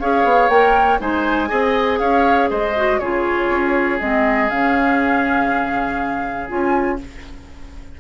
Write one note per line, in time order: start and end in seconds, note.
0.00 0.25 C#4
0.00 0.51 G#4
0.00 1.01 C#5
0.00 0.49 F5
0.25 0.49 B3
0.49 0.99 A#3
0.49 1.00 A#4
0.49 0.99 G5
1.00 1.51 G#3
1.00 1.48 D#4
1.00 1.49 C5
1.00 1.99 G#5
1.48 2.00 C4
1.48 2.73 G#4
1.48 1.99 D#5
1.99 2.50 C#4
1.99 2.50 C#5
1.99 2.49 F5
2.50 3.00 G#3
2.50 3.00 C5
2.50 2.99 D#5
2.76 3.01 F#4
2.99 3.50 C#3
2.99 4.00 F4
2.99 7.01 G#4
2.99 3.99 C#5
3.50 4.00 C#4
4.00 4.51 G#3
4.00 4.50 C4
4.00 4.50 D#5
4.50 6.50 C#3
4.50 6.48 C#4
4.50 6.50 F5
6.48 7.00 C#4
6.48 6.98 F4
6.48 7.00 G#5